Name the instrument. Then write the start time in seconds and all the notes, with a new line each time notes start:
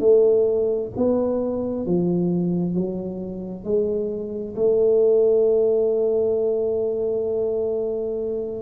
tuba
0.00 A3
0.97 B3
1.86 F3
2.75 F#3
3.64 G#3
4.56 A3